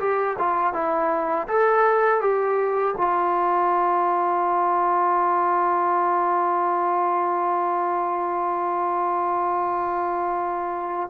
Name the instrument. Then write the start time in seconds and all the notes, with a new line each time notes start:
trombone
0.00 G4
0.39 F4
0.74 E4
1.48 A4
2.21 G4
2.98 F4